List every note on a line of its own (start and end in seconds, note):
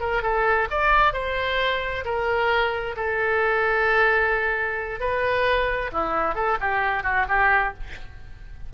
0.00 0.23 A#4
0.23 0.68 A4
0.71 1.13 D5
1.13 2.04 C5
2.05 2.96 A#4
2.96 5.00 A4
5.00 5.91 B4
5.92 6.35 E4
6.35 6.57 A4
6.61 7.03 G4
7.03 7.26 F#4
7.28 7.74 G4